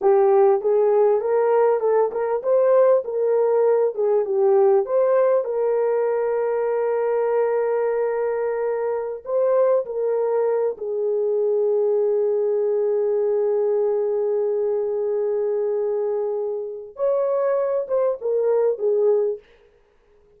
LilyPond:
\new Staff \with { instrumentName = "horn" } { \time 4/4 \tempo 4 = 99 g'4 gis'4 ais'4 a'8 ais'8 | c''4 ais'4. gis'8 g'4 | c''4 ais'2.~ | ais'2.~ ais'16 c''8.~ |
c''16 ais'4. gis'2~ gis'16~ | gis'1~ | gis'1 | cis''4. c''8 ais'4 gis'4 | }